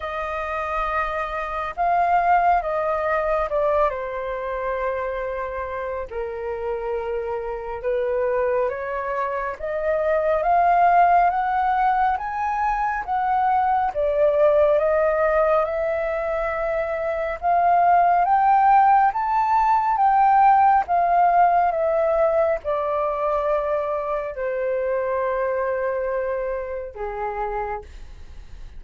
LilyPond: \new Staff \with { instrumentName = "flute" } { \time 4/4 \tempo 4 = 69 dis''2 f''4 dis''4 | d''8 c''2~ c''8 ais'4~ | ais'4 b'4 cis''4 dis''4 | f''4 fis''4 gis''4 fis''4 |
d''4 dis''4 e''2 | f''4 g''4 a''4 g''4 | f''4 e''4 d''2 | c''2. gis'4 | }